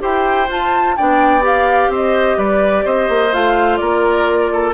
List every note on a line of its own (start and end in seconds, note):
0.00 0.49 E4
0.00 0.47 G4
0.00 0.96 C5
0.00 0.50 G5
0.49 0.96 F4
0.49 0.97 F4
0.49 0.97 A5
0.97 1.89 B3
0.97 1.41 D4
0.97 1.91 D5
0.97 1.44 G5
1.41 3.30 G4
1.41 1.93 F5
1.89 2.36 C4
1.89 2.37 C5
1.89 2.40 D#5
2.37 2.85 G3
2.37 2.85 B4
2.37 2.87 D5
2.85 3.09 C4
2.85 3.80 C5
2.85 3.34 D#5
3.09 3.33 A#3
3.33 3.81 A3
3.33 4.74 F4
3.33 3.77 F5
3.77 4.74 A#3
3.77 4.52 A#4
3.77 4.71 D5
4.52 4.74 A4